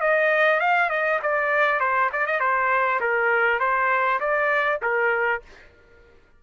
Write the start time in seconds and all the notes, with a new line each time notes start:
0.00 D#5
0.60 F5
0.89 D#5
1.22 D5
1.79 C5
2.12 D5
2.26 D#5
2.39 C5
3.00 A#4
3.59 C5
4.20 D5
4.82 A#4